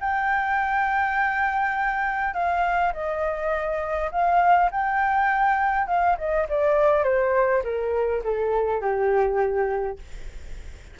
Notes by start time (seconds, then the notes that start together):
0.00 G5
2.33 F5
2.93 D#5
4.11 F5
4.71 G5
5.87 F5
6.17 D#5
6.49 D5
7.03 C5
7.64 A#4
8.24 A4
8.80 G4